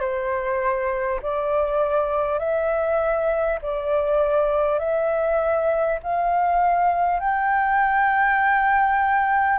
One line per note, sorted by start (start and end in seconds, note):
0.00 1.20 C5
1.22 2.39 D5
2.39 3.59 E5
3.62 4.79 D5
4.79 5.99 E5
6.03 7.19 F5
7.19 9.59 G5